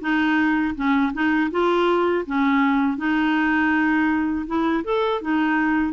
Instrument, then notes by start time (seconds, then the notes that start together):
clarinet
0.00 D#4
0.75 C#4
1.13 D#4
1.51 F4
2.26 C#4
2.97 D#4
4.46 E4
4.84 A4
5.21 D#4